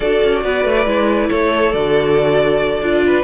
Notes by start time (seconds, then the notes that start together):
0.00 D4 F#4 A4 D5
0.23 C#4
0.44 B3 B4
0.64 A3
0.85 G#3 E4
1.30 A3 A4 C#5
1.72 D3 F#4 D5
2.81 D4 F4
3.05 B4